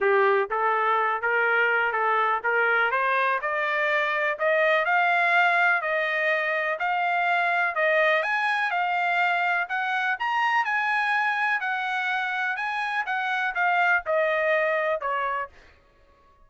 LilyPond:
\new Staff \with { instrumentName = "trumpet" } { \time 4/4 \tempo 4 = 124 g'4 a'4. ais'4. | a'4 ais'4 c''4 d''4~ | d''4 dis''4 f''2 | dis''2 f''2 |
dis''4 gis''4 f''2 | fis''4 ais''4 gis''2 | fis''2 gis''4 fis''4 | f''4 dis''2 cis''4 | }